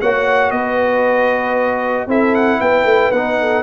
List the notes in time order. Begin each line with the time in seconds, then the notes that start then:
0.00 A#3 F#4 C#5 F#5
0.50 B3 B4 D#5
2.07 C4 E4 A4 E5
2.34 F#5
2.60 B3 B4 G5
2.83 A3
3.11 B3 D#4 F#5
3.40 A4